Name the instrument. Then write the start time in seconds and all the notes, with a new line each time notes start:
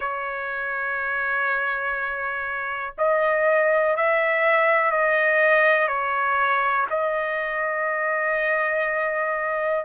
trumpet
0.00 C#5
2.98 D#5
3.96 E5
4.91 D#5
5.87 C#5
6.90 D#5